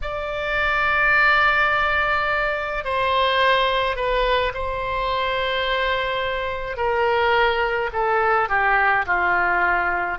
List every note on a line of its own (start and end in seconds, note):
0.01 2.84 D5
2.84 3.96 C5
3.96 4.52 B4
4.53 6.76 C5
6.76 7.89 A#4
7.92 8.49 A4
8.49 9.05 G4
9.06 10.18 F4